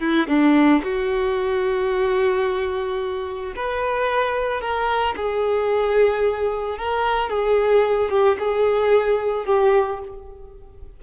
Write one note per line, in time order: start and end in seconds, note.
0.00 0.27 E4
0.28 0.82 D4
0.84 3.54 F#4
3.56 4.61 B4
4.61 5.15 A#4
5.16 6.78 G#4
6.78 7.30 A#4
7.30 8.10 G#4
8.10 8.37 G4
8.39 9.46 G#4
9.46 10.00 G4